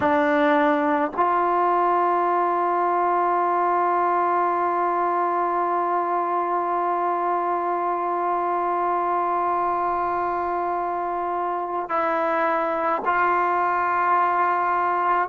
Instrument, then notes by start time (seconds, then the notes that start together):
trombone
0.00 D4
1.16 F4
11.89 E4
13.05 F4